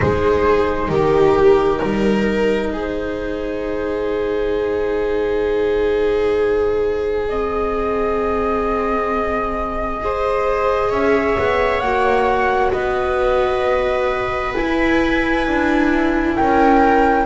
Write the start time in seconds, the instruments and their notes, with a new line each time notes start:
0.00 double bass G#3, viola D#4 G#4, flute C5
0.88 double bass D#3, viola G4, flute A#4
1.79 double bass G3, viola A#4
2.73 double bass G#3, viola G#4, flute C5
7.28 viola C4, flute D#5
10.00 viola G#4 C5
10.89 double bass C#4, viola C#5, flute E5
11.38 double bass B3
11.80 double bass A#3, viola F#4, flute F#5
12.71 double bass B3, viola B4, flute D#5
14.54 viola E4, double bass E4, flute G#5
15.47 double bass D4
16.35 double bass C#4, viola A#4, flute G5